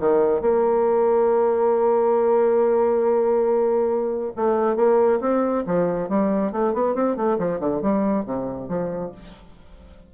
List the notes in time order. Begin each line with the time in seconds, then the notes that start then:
0.00 D#3
0.42 A#3
4.36 A3
4.76 A#3
5.21 C4
5.67 F3
6.09 G3
6.53 A3
6.74 B3
6.95 C4
7.17 A3
7.39 F3
7.60 D3
7.82 G3
8.26 C3
8.69 F3